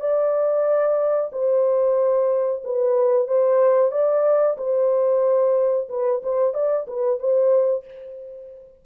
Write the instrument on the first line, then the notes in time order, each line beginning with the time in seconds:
horn
0.00 D5
1.32 C5
2.64 B4
3.27 C5
3.91 D5
4.57 C5
5.88 B4
6.23 C5
6.54 D5
6.87 B4
7.19 C5